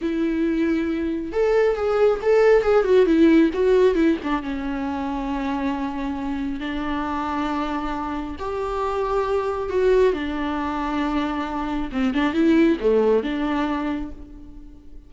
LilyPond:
\new Staff \with { instrumentName = "viola" } { \time 4/4 \tempo 4 = 136 e'2. a'4 | gis'4 a'4 gis'8 fis'8 e'4 | fis'4 e'8 d'8 cis'2~ | cis'2. d'4~ |
d'2. g'4~ | g'2 fis'4 d'4~ | d'2. c'8 d'8 | e'4 a4 d'2 | }